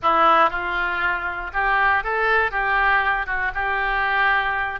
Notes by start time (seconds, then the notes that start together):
0.02 E4
0.50 F4
1.53 G4
2.03 A4
2.51 G4
3.26 F#4
3.54 G4